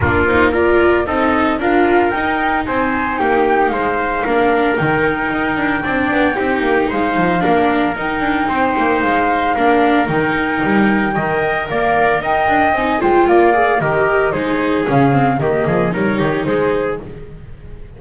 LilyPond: <<
  \new Staff \with { instrumentName = "flute" } { \time 4/4 \tempo 4 = 113 ais'8 c''8 d''4 dis''4 f''4 | g''4 gis''4 g''4 f''4~ | f''4 g''2.~ | g''4 f''2 g''4~ |
g''4 f''2 g''4~ | g''2 f''4 g''4 | gis''8 g''8 f''4 dis''4 c''4 | f''4 dis''4 cis''4 c''4 | }
  \new Staff \with { instrumentName = "trumpet" } { \time 4/4 f'4 ais'4 a'4 ais'4~ | ais'4 c''4 g'4 c''4 | ais'2. d''4 | g'4 c''4 ais'2 |
c''2 ais'2~ | ais'4 dis''4 d''4 dis''4~ | dis''8 c''8 d''4 ais'4 gis'4~ | gis'4 g'8 gis'8 ais'8 g'8 gis'4 | }
  \new Staff \with { instrumentName = "viola" } { \time 4/4 d'8 dis'8 f'4 dis'4 f'4 | dis'1 | d'4 dis'2 d'4 | dis'2 d'4 dis'4~ |
dis'2 d'4 dis'4~ | dis'4 ais'2. | dis'8 f'4 gis'8 g'4 dis'4 | cis'8 c'8 ais4 dis'2 | }
  \new Staff \with { instrumentName = "double bass" } { \time 4/4 ais2 c'4 d'4 | dis'4 c'4 ais4 gis4 | ais4 dis4 dis'8 d'8 c'8 b8 | c'8 ais8 gis8 f8 ais4 dis'8 d'8 |
c'8 ais8 gis4 ais4 dis4 | g4 dis4 ais4 dis'8 d'8 | c'8 gis8 ais4 dis4 gis4 | cis4 dis8 f8 g8 dis8 gis4 | }
>>